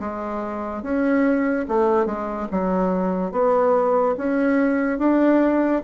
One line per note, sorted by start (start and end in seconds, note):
0.00 0.83 G#3
0.83 1.66 C#4
1.69 2.06 A3
2.06 2.48 G#3
2.52 3.32 F#3
3.32 4.16 B3
4.17 4.99 C#4
4.99 5.82 D4